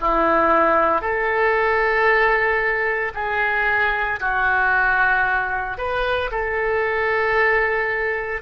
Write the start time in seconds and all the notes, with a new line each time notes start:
0.00 E4
1.01 A4
3.14 G#4
4.20 F#4
5.78 B4
6.31 A4